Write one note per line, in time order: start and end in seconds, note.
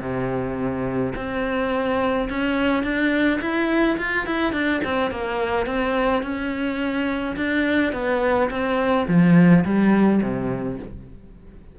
0.00 1.13 C3
1.15 2.28 C4
2.29 2.83 C#4
2.83 3.40 D4
3.41 3.97 E4
3.98 4.26 F4
4.26 4.53 E4
4.53 4.81 D4
4.84 5.11 C4
5.11 5.66 A#3
5.66 6.22 C4
6.22 7.36 C#4
7.36 7.92 D4
7.92 8.49 B3
8.50 9.06 C4
9.07 9.64 F3
9.64 10.21 G3
10.22 10.79 C3